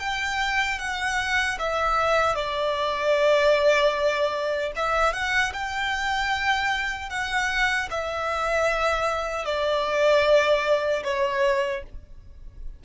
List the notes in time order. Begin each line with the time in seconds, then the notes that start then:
0.00 G5
0.79 F#5
1.59 E5
2.35 D5
4.76 E5
5.13 F#5
5.53 G5
7.10 F#5
7.91 E5
9.46 D5
11.04 C#5